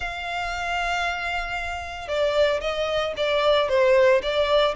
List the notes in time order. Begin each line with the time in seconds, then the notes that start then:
0.00 F5
2.07 D5
2.61 D#5
3.16 D5
3.68 C5
4.22 D5